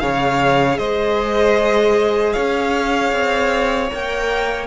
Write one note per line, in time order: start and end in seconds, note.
0.00 0.79 C#3
0.00 3.90 G#4
0.00 0.79 C#5
0.00 0.78 F5
0.78 2.35 G#3
0.78 2.34 C5
0.78 2.33 D#5
2.33 3.12 C#4
2.33 4.67 C#5
2.33 3.89 F5
3.12 3.90 C4
3.91 4.67 A#3
3.91 4.67 A#4
3.91 4.67 G5